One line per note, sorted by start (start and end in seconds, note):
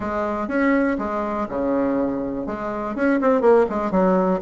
0.00 0.48 G#3
0.48 0.97 C#4
0.98 1.47 G#3
1.49 2.46 C#3
2.46 2.95 G#3
2.95 3.20 C#4
3.20 3.41 C4
3.41 3.65 A#3
3.69 3.91 G#3
3.91 4.40 F#3